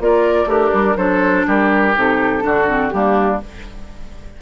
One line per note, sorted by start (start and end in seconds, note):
0.00 0.45 A#3
0.00 0.46 F4
0.00 0.49 A#4
0.00 0.49 D5
0.45 0.70 A3
0.45 0.97 D4
0.45 0.95 G4
0.45 0.97 A#4
0.74 0.96 G3
0.96 1.45 F#3
0.96 1.94 D4
0.96 1.46 A4
0.96 1.45 C5
1.47 1.96 G3
1.47 2.43 G4
1.47 1.96 A#4
1.96 2.44 C3
1.96 2.41 D#4
1.96 2.89 A4
2.41 2.93 D3
2.41 2.65 D4
2.41 2.93 F#4
2.68 2.92 C4
2.89 3.41 G3
2.89 3.41 A#3
2.89 3.42 D4
2.89 3.37 G4